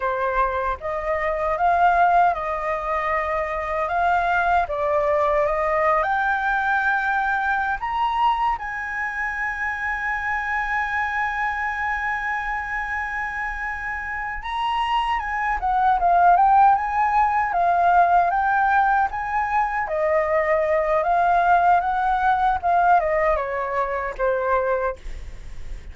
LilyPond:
\new Staff \with { instrumentName = "flute" } { \time 4/4 \tempo 4 = 77 c''4 dis''4 f''4 dis''4~ | dis''4 f''4 d''4 dis''8. g''16~ | g''2 ais''4 gis''4~ | gis''1~ |
gis''2~ gis''8 ais''4 gis''8 | fis''8 f''8 g''8 gis''4 f''4 g''8~ | g''8 gis''4 dis''4. f''4 | fis''4 f''8 dis''8 cis''4 c''4 | }